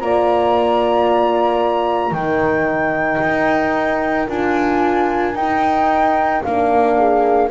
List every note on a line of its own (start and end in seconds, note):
0.00 2.11 A#3
0.00 2.14 F4
0.00 2.14 D5
0.00 2.14 A#5
2.11 3.19 D#3
2.11 4.27 D#4
2.11 6.96 A#4
2.11 4.28 G5
3.21 4.28 D#4
4.27 5.35 D4
4.27 5.35 F4
4.27 5.36 G#5
5.35 6.42 D#4
5.35 6.45 D#4
5.35 6.43 G5
6.43 7.51 A#3
6.43 7.51 D4
6.43 7.50 F5
6.98 7.51 G#4